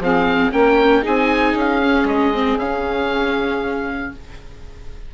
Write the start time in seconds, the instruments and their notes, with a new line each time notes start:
0.00 bassoon F3, viola C4, saxophone G#4, oboe F5
0.52 bassoon A#3, viola C#4, saxophone A#4, oboe G5
1.02 bassoon C4, viola D#4, saxophone G#4, oboe G#5
1.55 bassoon C#4, oboe F5
1.83 viola C#4
2.04 bassoon G#3, oboe D#5
2.34 viola C4
2.56 bassoon C#3, viola C#4, oboe F5